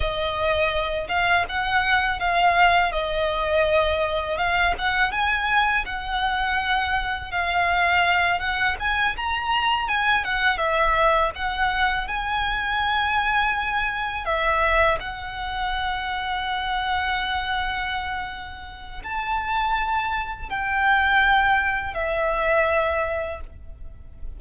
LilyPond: \new Staff \with { instrumentName = "violin" } { \time 4/4 \tempo 4 = 82 dis''4. f''8 fis''4 f''4 | dis''2 f''8 fis''8 gis''4 | fis''2 f''4. fis''8 | gis''8 ais''4 gis''8 fis''8 e''4 fis''8~ |
fis''8 gis''2. e''8~ | e''8 fis''2.~ fis''8~ | fis''2 a''2 | g''2 e''2 | }